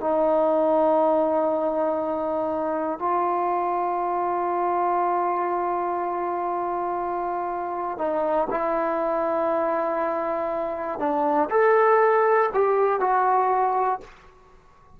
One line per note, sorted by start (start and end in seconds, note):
0.00 2.99 D#4
2.99 7.98 F4
7.98 8.48 D#4
8.50 10.99 E4
10.99 11.49 D4
11.50 12.50 A4
12.54 13.00 G4
13.00 14.00 F#4